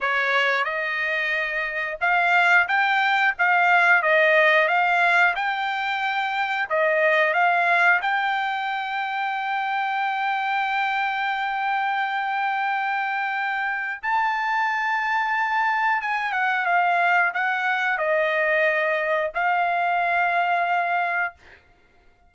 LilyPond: \new Staff \with { instrumentName = "trumpet" } { \time 4/4 \tempo 4 = 90 cis''4 dis''2 f''4 | g''4 f''4 dis''4 f''4 | g''2 dis''4 f''4 | g''1~ |
g''1~ | g''4 a''2. | gis''8 fis''8 f''4 fis''4 dis''4~ | dis''4 f''2. | }